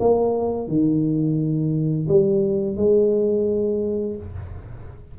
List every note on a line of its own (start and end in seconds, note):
0.00 0.68 A#3
0.68 2.08 D#3
2.09 2.77 G3
2.77 4.17 G#3